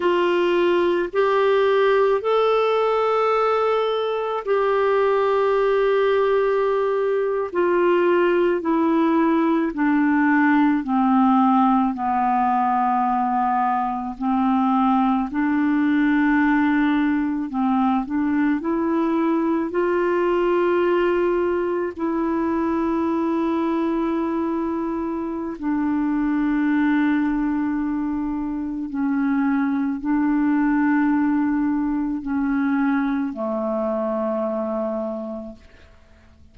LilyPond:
\new Staff \with { instrumentName = "clarinet" } { \time 4/4 \tempo 4 = 54 f'4 g'4 a'2 | g'2~ g'8. f'4 e'16~ | e'8. d'4 c'4 b4~ b16~ | b8. c'4 d'2 c'16~ |
c'16 d'8 e'4 f'2 e'16~ | e'2. d'4~ | d'2 cis'4 d'4~ | d'4 cis'4 a2 | }